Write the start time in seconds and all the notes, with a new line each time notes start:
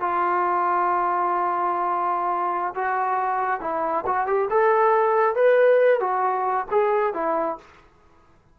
0.00 F4
2.75 F#4
3.60 E4
4.06 F#4
4.26 G4
4.50 A4
5.35 B4
6.00 F#4
6.70 G#4
7.14 E4